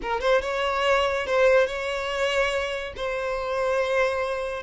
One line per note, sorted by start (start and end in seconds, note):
0.01 0.20 A#4
0.20 0.41 C5
0.41 1.26 C#5
1.26 1.66 C5
1.66 2.93 C#5
2.96 4.62 C5